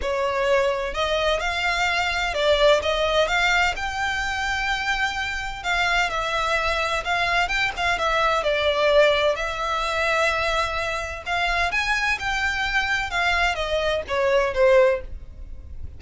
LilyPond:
\new Staff \with { instrumentName = "violin" } { \time 4/4 \tempo 4 = 128 cis''2 dis''4 f''4~ | f''4 d''4 dis''4 f''4 | g''1 | f''4 e''2 f''4 |
g''8 f''8 e''4 d''2 | e''1 | f''4 gis''4 g''2 | f''4 dis''4 cis''4 c''4 | }